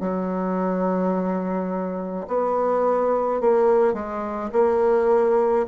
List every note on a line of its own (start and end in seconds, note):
0.00 2.26 F#3
2.27 3.41 B3
3.41 3.94 A#3
3.94 4.50 G#3
4.52 5.66 A#3